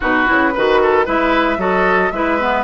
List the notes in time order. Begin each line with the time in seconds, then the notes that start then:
0.00 B2 D#4 F#4 B4
0.26 C#3 E4
0.54 D#3 F#4 B4
0.82 A4
1.05 G#3 E4 B4 E5
1.57 F#3 F#4 A4 D#5
2.10 G#3 E4 B4 E5
2.40 B3